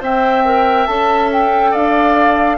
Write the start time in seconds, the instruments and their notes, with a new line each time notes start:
0.00 bassoon C4, clarinet C5, oboe E5, flute G5
0.45 clarinet A#4
0.87 bassoon C#4, clarinet A4, flute A5
1.33 flute G5
1.71 bassoon D4, oboe D5, flute F5